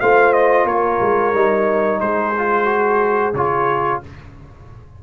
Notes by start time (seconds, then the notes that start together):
0.00 A3 F4 C5 F5
0.33 D#5
0.65 A#3 A#4 C#5
1.01 G#3
1.34 G3 D#4
2.00 G#3 G#4 C5
2.38 F4
2.66 F#4
3.33 C#3 F4 C#5